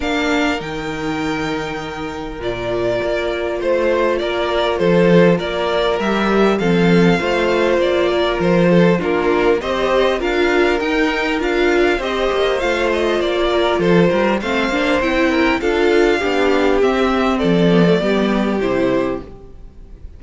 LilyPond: <<
  \new Staff \with { instrumentName = "violin" } { \time 4/4 \tempo 4 = 100 f''4 g''2. | d''2 c''4 d''4 | c''4 d''4 e''4 f''4~ | f''4 d''4 c''4 ais'4 |
dis''4 f''4 g''4 f''4 | dis''4 f''8 dis''8 d''4 c''4 | f''4 g''4 f''2 | e''4 d''2 c''4 | }
  \new Staff \with { instrumentName = "violin" } { \time 4/4 ais'1~ | ais'2 c''4 ais'4 | a'4 ais'2 a'4 | c''4. ais'4 a'8 f'4 |
c''4 ais'2. | c''2~ c''8 ais'8 a'8 ais'8 | c''4. ais'8 a'4 g'4~ | g'4 a'4 g'2 | }
  \new Staff \with { instrumentName = "viola" } { \time 4/4 d'4 dis'2. | f'1~ | f'2 g'4 c'4 | f'2. d'4 |
g'4 f'4 dis'4 f'4 | g'4 f'2. | c'8 d'8 e'4 f'4 d'4 | c'4. b16 a16 b4 e'4 | }
  \new Staff \with { instrumentName = "cello" } { \time 4/4 ais4 dis2. | ais,4 ais4 a4 ais4 | f4 ais4 g4 f4 | a4 ais4 f4 ais4 |
c'4 d'4 dis'4 d'4 | c'8 ais8 a4 ais4 f8 g8 | a8 ais8 c'4 d'4 b4 | c'4 f4 g4 c4 | }
>>